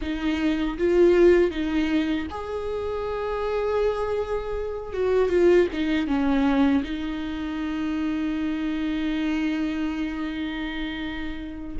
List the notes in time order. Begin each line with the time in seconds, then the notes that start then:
0.01 D#4
0.78 F4
1.51 D#4
2.30 G#4
4.93 F#4
5.29 F4
5.72 D#4
6.07 C#4
6.83 D#4